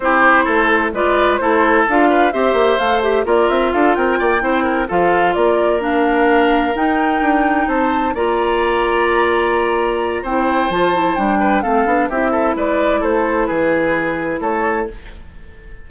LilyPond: <<
  \new Staff \with { instrumentName = "flute" } { \time 4/4 \tempo 4 = 129 c''2 d''4 c''4 | f''4 e''4 f''8 e''8 d''8 e''8 | f''8 g''2 f''4 d''8~ | d''8 f''2 g''4.~ |
g''8 a''4 ais''2~ ais''8~ | ais''2 g''4 a''4 | g''4 f''4 e''4 d''4 | c''4 b'2 cis''4 | }
  \new Staff \with { instrumentName = "oboe" } { \time 4/4 g'4 a'4 b'4 a'4~ | a'8 b'8 c''2 ais'4 | a'8 ais'8 d''8 c''8 ais'8 a'4 ais'8~ | ais'1~ |
ais'8 c''4 d''2~ d''8~ | d''2 c''2~ | c''8 b'8 a'4 g'8 a'8 b'4 | a'4 gis'2 a'4 | }
  \new Staff \with { instrumentName = "clarinet" } { \time 4/4 e'2 f'4 e'4 | f'4 g'4 a'8 g'8 f'4~ | f'4. e'4 f'4.~ | f'8 d'2 dis'4.~ |
dis'4. f'2~ f'8~ | f'2 e'4 f'8 e'8 | d'4 c'8 d'8 e'2~ | e'1 | }
  \new Staff \with { instrumentName = "bassoon" } { \time 4/4 c'4 a4 gis4 a4 | d'4 c'8 ais8 a4 ais8 c'8 | d'8 c'8 ais8 c'4 f4 ais8~ | ais2~ ais8 dis'4 d'8~ |
d'8 c'4 ais2~ ais8~ | ais2 c'4 f4 | g4 a8 b8 c'4 gis4 | a4 e2 a4 | }
>>